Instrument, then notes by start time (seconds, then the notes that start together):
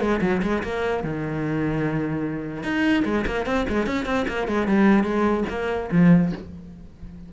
cello
0.00 G#3
0.21 F#3
0.42 G#3
0.63 A#3
1.04 D#3
2.63 D#4
3.05 G#3
3.26 A#3
3.46 C4
3.68 G#3
3.86 C#4
4.05 C4
4.28 A#3
4.47 G#3
4.67 G3
5.03 G#3
5.49 A#3
5.92 F3